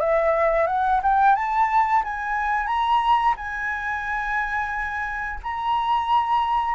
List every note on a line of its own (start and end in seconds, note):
0.00 0.67 E5
0.67 1.01 F#5
1.03 1.35 G5
1.35 2.03 A5
2.04 2.67 G#5
2.67 3.34 A#5
3.36 5.39 G#5
5.43 6.74 A#5